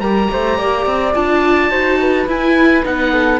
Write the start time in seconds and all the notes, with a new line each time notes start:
0.00 G3 G4 A#4 A#5
0.32 A3 C5
0.57 A#3 D5
0.86 C4
1.15 D4 F4 A5
1.69 D#4 F#4 C5
1.99 B4
2.27 E4 G#5
2.83 B3 D#4 F#5
3.12 A4